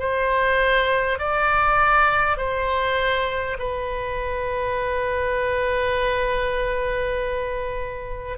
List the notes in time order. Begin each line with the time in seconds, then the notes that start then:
0.00 C5
1.19 D5
2.38 C5
3.59 B4